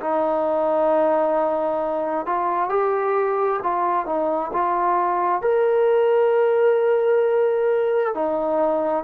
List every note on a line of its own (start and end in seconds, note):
0.00 2.26 D#4
2.26 2.69 F4
2.69 3.60 G4
3.62 4.06 F4
4.06 4.51 D#4
4.52 5.41 F4
5.41 8.14 A#4
8.14 9.04 D#4